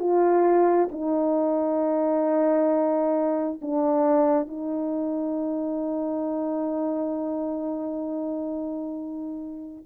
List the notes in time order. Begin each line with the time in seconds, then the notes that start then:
0.00 F4
0.92 D#4
3.62 D4
4.48 D#4